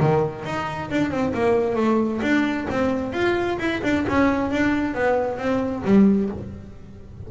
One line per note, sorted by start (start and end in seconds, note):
0.00 0.45 D#3
0.45 0.90 D#4
0.90 1.11 D4
1.11 1.33 C4
1.34 1.76 A#3
1.76 2.21 A3
2.22 2.67 D4
2.70 3.13 C4
3.13 3.58 F4
3.59 3.81 E4
3.83 4.06 D4
4.08 4.51 C#4
4.51 4.94 D4
4.94 5.38 B3
5.38 5.83 C4
5.84 6.30 G3